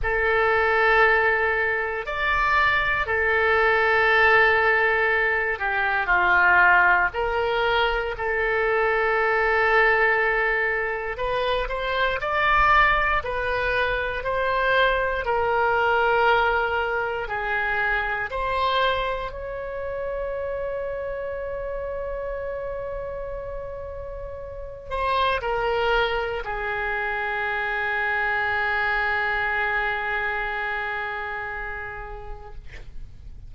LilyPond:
\new Staff \with { instrumentName = "oboe" } { \time 4/4 \tempo 4 = 59 a'2 d''4 a'4~ | a'4. g'8 f'4 ais'4 | a'2. b'8 c''8 | d''4 b'4 c''4 ais'4~ |
ais'4 gis'4 c''4 cis''4~ | cis''1~ | cis''8 c''8 ais'4 gis'2~ | gis'1 | }